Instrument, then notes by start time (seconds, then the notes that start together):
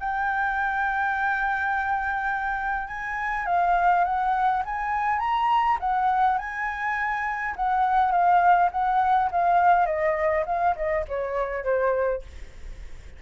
flute
0.00 G5
2.88 G#5
3.46 F5
4.05 F#5
4.65 G#5
5.19 A#5
5.80 F#5
6.38 G#5
7.56 F#5
8.11 F5
8.71 F#5
9.31 F5
9.86 D#5
10.46 F5
10.76 D#5
11.08 C#5
11.64 C5